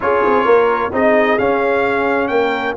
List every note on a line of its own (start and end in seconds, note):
0.00 0.24 C#4
0.00 0.91 F4
0.00 0.44 G#4
0.00 0.93 C#5
0.25 0.45 C4
0.44 0.91 A#3
0.44 0.90 A#4
0.92 1.38 C4
0.92 1.38 D#4
0.92 2.31 G#4
0.92 1.38 D#5
1.38 2.77 C#4
1.38 2.30 C#4
1.38 2.27 F5
2.27 2.76 A#3
2.27 2.77 A#4
2.27 2.73 G5